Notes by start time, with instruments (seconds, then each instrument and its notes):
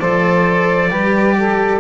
0.00 double bass F3, cello A4, saxophone C5, trumpet D5
0.90 double bass G3, cello G4, saxophone B4
1.38 saxophone A4